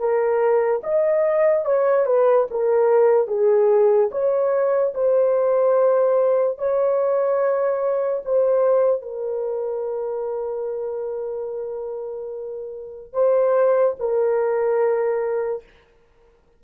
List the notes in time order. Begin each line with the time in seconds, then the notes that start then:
0.00 A#4
0.84 D#5
1.66 C#5
2.06 B4
2.51 A#4
3.28 G#4
4.12 C#5
4.95 C5
6.59 C#5
8.25 C5
9.02 A#4
13.14 C5
14.00 A#4